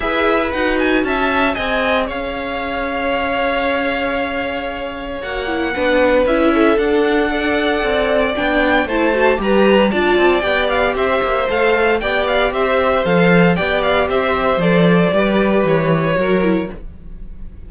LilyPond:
<<
  \new Staff \with { instrumentName = "violin" } { \time 4/4 \tempo 4 = 115 e''4 fis''8 gis''8 a''4 gis''4 | f''1~ | f''2 fis''2 | e''4 fis''2. |
g''4 a''4 ais''4 a''4 | g''8 f''8 e''4 f''4 g''8 f''8 | e''4 f''4 g''8 f''8 e''4 | d''2 cis''2 | }
  \new Staff \with { instrumentName = "violin" } { \time 4/4 b'2 e''4 dis''4 | cis''1~ | cis''2. b'4~ | b'8 a'4. d''2~ |
d''4 c''4 b'4 d''4~ | d''4 c''2 d''4 | c''2 d''4 c''4~ | c''4 b'2 ais'4 | }
  \new Staff \with { instrumentName = "viola" } { \time 4/4 gis'4 fis'2 gis'4~ | gis'1~ | gis'2 fis'8 e'8 d'4 | e'4 d'4 a'2 |
d'4 e'8 fis'8 g'4 f'4 | g'2 a'4 g'4~ | g'4 a'4 g'2 | a'4 g'2 fis'8 e'8 | }
  \new Staff \with { instrumentName = "cello" } { \time 4/4 e'4 dis'4 cis'4 c'4 | cis'1~ | cis'2 ais4 b4 | cis'4 d'2 c'4 |
b4 a4 g4 d'8 c'8 | b4 c'8 ais8 a4 b4 | c'4 f4 b4 c'4 | f4 g4 e4 fis4 | }
>>